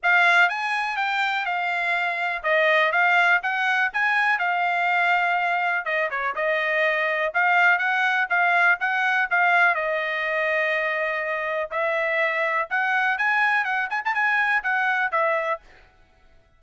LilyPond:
\new Staff \with { instrumentName = "trumpet" } { \time 4/4 \tempo 4 = 123 f''4 gis''4 g''4 f''4~ | f''4 dis''4 f''4 fis''4 | gis''4 f''2. | dis''8 cis''8 dis''2 f''4 |
fis''4 f''4 fis''4 f''4 | dis''1 | e''2 fis''4 gis''4 | fis''8 gis''16 a''16 gis''4 fis''4 e''4 | }